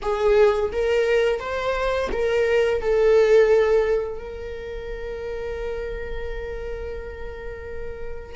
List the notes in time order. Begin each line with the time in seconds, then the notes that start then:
0.02 G#4
0.72 A#4
1.39 C5
2.12 A#4
2.81 A4
4.18 A#4